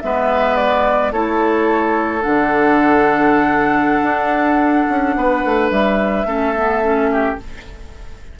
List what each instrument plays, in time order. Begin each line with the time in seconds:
0.00 bassoon G#3, clarinet B3, oboe B4, flute E5
0.56 flute D5
1.12 bassoon A3, clarinet E4, oboe A4, flute C#5
2.21 bassoon D3, clarinet D4, flute F#5
4.02 bassoon D4
4.89 bassoon C#4
5.15 bassoon B3, oboe B4
5.44 bassoon A3
5.70 bassoon G3, flute E5
6.25 bassoon A3, clarinet C#4, oboe A4
6.55 clarinet B3
6.82 clarinet C#4
7.12 oboe G4